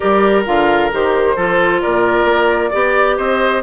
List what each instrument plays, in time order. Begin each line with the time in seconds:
0.00 bassoon G3, clarinet G4, oboe A#4, flute D5
0.45 bassoon D3, clarinet F4, flute F5
0.92 bassoon D#3, clarinet G4, flute C5
1.35 bassoon F3, clarinet F4, oboe A4
1.81 bassoon A#2, oboe A#4, flute D5
2.24 bassoon A#3
2.70 bassoon B3, clarinet G4, oboe D5
3.17 bassoon C4, oboe C5, flute D#5